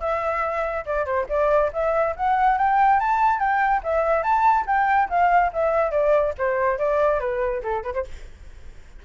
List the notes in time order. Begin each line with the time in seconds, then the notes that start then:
0.00 E5
0.86 D5
1.05 C5
1.29 D5
1.73 E5
2.16 F#5
2.58 G5
2.99 A5
3.39 G5
3.83 E5
4.23 A5
4.67 G5
5.09 F5
5.53 E5
5.91 D5
6.38 C5
6.78 D5
7.19 B4
7.62 A4
7.83 B4
7.94 C5